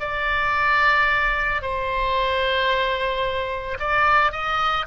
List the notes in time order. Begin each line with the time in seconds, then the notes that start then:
0.00 D5
1.62 C5
3.80 D5
4.32 D#5